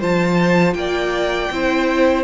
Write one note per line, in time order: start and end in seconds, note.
0.00 0.75 F3
0.00 1.51 F4
0.00 0.75 C5
0.00 0.74 A5
0.74 1.50 A#3
0.74 1.54 D5
0.74 2.24 G5
1.51 2.24 C4
1.51 2.24 E4
1.51 2.24 C5